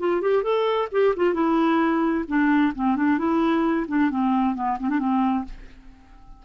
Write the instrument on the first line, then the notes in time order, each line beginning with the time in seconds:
clarinet
0.00 F4
0.22 G4
0.43 A4
0.92 G4
1.17 F4
1.34 E4
2.28 D4
2.76 C4
2.97 D4
3.19 E4
3.88 D4
4.11 C4
4.55 B3
4.80 C4
4.90 D4
5.00 C4